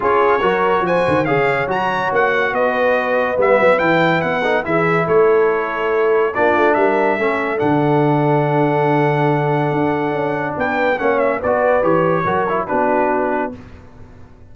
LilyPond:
<<
  \new Staff \with { instrumentName = "trumpet" } { \time 4/4 \tempo 4 = 142 cis''2 gis''4 f''4 | ais''4 fis''4 dis''2 | e''4 g''4 fis''4 e''4 | cis''2. d''4 |
e''2 fis''2~ | fis''1~ | fis''4 g''4 fis''8 e''8 d''4 | cis''2 b'2 | }
  \new Staff \with { instrumentName = "horn" } { \time 4/4 gis'4 ais'4 c''4 cis''4~ | cis''2 b'2~ | b'2~ b'8 a'8 gis'4 | a'2. f'4 |
ais'4 a'2.~ | a'1~ | a'4 b'4 cis''4 b'4~ | b'4 ais'4 fis'2 | }
  \new Staff \with { instrumentName = "trombone" } { \time 4/4 f'4 fis'2 gis'4 | fis'1 | b4 e'4. dis'8 e'4~ | e'2. d'4~ |
d'4 cis'4 d'2~ | d'1~ | d'2 cis'4 fis'4 | g'4 fis'8 e'8 d'2 | }
  \new Staff \with { instrumentName = "tuba" } { \time 4/4 cis'4 fis4 f8 dis8 cis4 | fis4 ais4 b2 | g8 fis8 e4 b4 e4 | a2. ais8 a8 |
g4 a4 d2~ | d2. d'4 | cis'4 b4 ais4 b4 | e4 fis4 b2 | }
>>